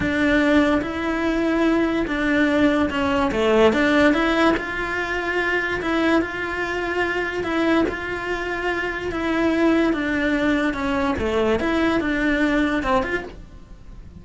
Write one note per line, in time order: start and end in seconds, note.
0.00 0.81 D4
0.81 2.06 E4
2.07 2.89 D4
2.89 3.31 C#4
3.31 3.72 A3
3.72 4.13 D4
4.13 4.54 E4
4.56 5.80 F4
5.81 6.21 E4
6.21 7.43 F4
7.43 7.85 E4
7.88 9.11 F4
9.11 9.93 E4
9.93 10.73 D4
10.73 11.15 C#4
11.18 11.59 A3
11.59 12.00 E4
12.00 12.83 D4
12.83 13.02 C4
13.02 13.23 F4